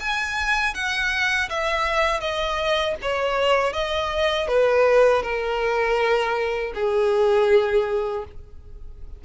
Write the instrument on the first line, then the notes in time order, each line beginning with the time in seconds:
violin
0.00 G#5
0.74 F#5
1.50 E5
2.20 D#5
3.02 C#5
3.73 D#5
4.48 B4
5.23 A#4
6.75 G#4